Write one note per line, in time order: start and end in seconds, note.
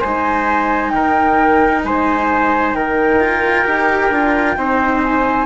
0.00 0.93 G#3
0.00 3.20 D#4
0.00 0.91 C5
0.00 0.90 G#5
0.90 1.84 D#3
0.90 1.85 A#4
0.90 1.81 G5
1.84 2.74 G#3
1.84 2.76 C5
1.84 2.74 G#5
2.74 3.65 D#3
2.74 4.58 A#4
2.74 5.01 G5
3.20 3.66 F4
3.66 4.10 D#4
3.66 4.11 G4
4.10 4.56 D4
4.10 4.57 F4
4.57 5.46 C4
4.57 5.46 D#4
4.57 5.46 C5
5.04 5.46 G#5